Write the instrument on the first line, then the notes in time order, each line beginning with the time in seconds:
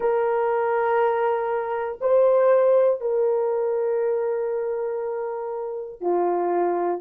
horn
0.00 A#4
2.00 C5
3.00 A#4
6.00 F4